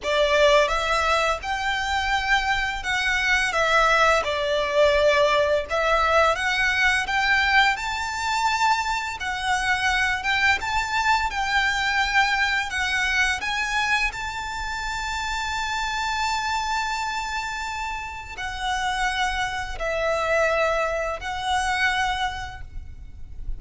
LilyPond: \new Staff \with { instrumentName = "violin" } { \time 4/4 \tempo 4 = 85 d''4 e''4 g''2 | fis''4 e''4 d''2 | e''4 fis''4 g''4 a''4~ | a''4 fis''4. g''8 a''4 |
g''2 fis''4 gis''4 | a''1~ | a''2 fis''2 | e''2 fis''2 | }